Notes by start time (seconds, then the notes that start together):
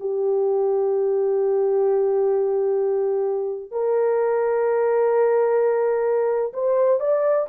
0.00 G4
3.71 A#4
6.53 C5
7.00 D5